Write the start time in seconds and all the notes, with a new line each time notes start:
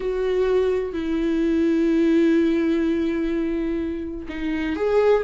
0.00 F#4
0.93 E4
4.29 D#4
4.76 G#4